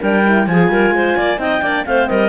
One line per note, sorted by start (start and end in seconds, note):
0.00 0.46 G3
0.00 0.23 D4
0.00 0.46 A#4
0.00 0.47 G5
0.24 0.47 E4
0.46 0.68 F3
0.46 1.37 F4
0.46 0.71 G#4
0.46 1.39 G#5
0.68 0.90 G3
0.68 0.94 A#4
0.90 1.13 G#3
0.90 1.17 C5
1.17 1.37 A#3
1.17 1.40 D5
1.37 1.60 C4
1.37 1.60 D#4
1.37 1.62 D#5
1.37 1.85 G5
1.61 1.84 A#3
1.61 1.85 D4
1.61 1.85 D5
1.85 2.09 A3
1.85 2.28 C4
1.85 2.09 C5
1.85 2.07 F5
2.07 2.28 G3
2.07 2.28 A#4
2.07 2.28 D#5